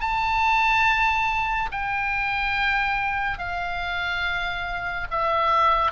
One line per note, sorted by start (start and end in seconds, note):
0.00 1.69 A5
1.71 3.38 G5
3.38 5.07 F5
5.10 5.91 E5